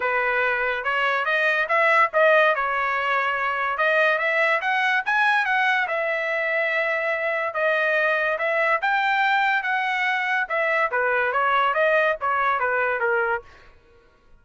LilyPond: \new Staff \with { instrumentName = "trumpet" } { \time 4/4 \tempo 4 = 143 b'2 cis''4 dis''4 | e''4 dis''4 cis''2~ | cis''4 dis''4 e''4 fis''4 | gis''4 fis''4 e''2~ |
e''2 dis''2 | e''4 g''2 fis''4~ | fis''4 e''4 b'4 cis''4 | dis''4 cis''4 b'4 ais'4 | }